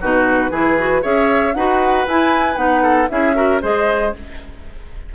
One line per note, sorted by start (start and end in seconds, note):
0.00 0.50 B2
0.00 0.51 D#4
0.00 0.51 F#4
0.00 1.03 B4
0.50 1.02 E3
0.50 0.77 E4
0.50 1.02 G#4
0.78 1.02 F#4
1.02 1.54 C#4
1.02 1.53 G#4
1.02 1.53 C#5
1.02 1.54 E5
1.54 2.06 D#4
1.54 2.08 F#4
1.54 2.82 B4
1.54 2.06 F#5
2.07 2.56 E4
2.07 2.56 G#5
2.56 3.08 B3
2.56 3.07 D#4
2.56 3.08 F#5
2.82 3.08 A4
3.09 3.62 C#4
3.09 3.34 E4
3.09 3.35 G#4
3.09 3.61 E5
3.34 3.60 F#4
3.34 3.61 A#4
3.61 4.14 G#3
3.61 4.13 G#4
3.61 4.13 C5
3.61 4.14 D#5